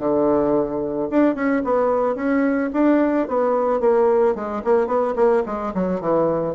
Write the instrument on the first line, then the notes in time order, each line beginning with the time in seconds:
bassoon
0.00 D3
1.11 D4
1.35 C#4
1.65 B3
2.16 C#4
2.74 D4
3.29 B3
3.81 A#3
4.35 G#3
4.65 A#3
4.87 B3
5.16 A#3
5.46 G#3
5.74 F#3
6.01 E3